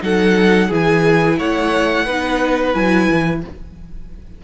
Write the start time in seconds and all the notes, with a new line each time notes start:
0.00 F#3 D#4 A4 F#5
0.68 E3 E4 G#4 G#5
1.38 A3 C#5 F#5
2.05 B3 D#4 B4
2.73 F#3 E4 G#5
3.10 E3